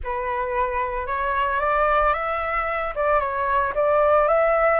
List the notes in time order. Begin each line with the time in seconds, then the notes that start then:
0.03 B4
1.06 C#5
1.60 D5
2.13 E5
2.95 D5
3.19 C#5
3.74 D5
4.28 E5